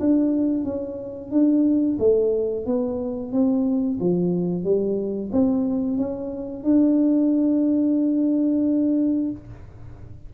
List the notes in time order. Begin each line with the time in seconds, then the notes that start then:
0.00 D4
0.65 C#4
1.31 D4
1.99 A3
2.66 B3
3.33 C4
4.00 F3
4.64 G3
5.33 C4
5.98 C#4
6.64 D4